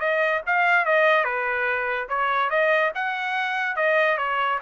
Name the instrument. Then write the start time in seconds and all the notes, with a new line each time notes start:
trumpet
0.00 D#5
0.47 F5
0.85 D#5
1.25 B4
2.09 C#5
2.50 D#5
2.95 F#5
3.76 D#5
4.18 C#5